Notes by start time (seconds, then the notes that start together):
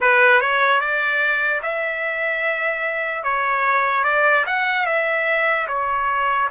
0.00 B4
0.41 C#5
0.80 D5
1.62 E5
3.23 C#5
4.04 D5
4.46 F#5
4.86 E5
5.68 C#5